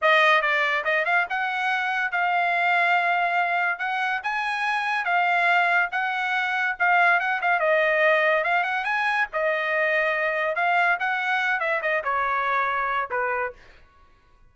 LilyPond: \new Staff \with { instrumentName = "trumpet" } { \time 4/4 \tempo 4 = 142 dis''4 d''4 dis''8 f''8 fis''4~ | fis''4 f''2.~ | f''4 fis''4 gis''2 | f''2 fis''2 |
f''4 fis''8 f''8 dis''2 | f''8 fis''8 gis''4 dis''2~ | dis''4 f''4 fis''4. e''8 | dis''8 cis''2~ cis''8 b'4 | }